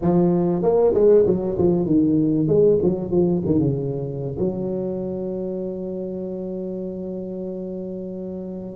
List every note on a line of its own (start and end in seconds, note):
0.01 0.62 F3
0.62 0.93 A#3
0.94 1.25 G#3
1.26 1.57 F#3
1.58 1.86 F3
1.86 2.47 D#3
2.47 2.78 G#3
2.82 3.11 F#3
3.11 3.42 F3
3.45 3.59 D#3
3.59 4.37 C#3
4.39 8.75 F#3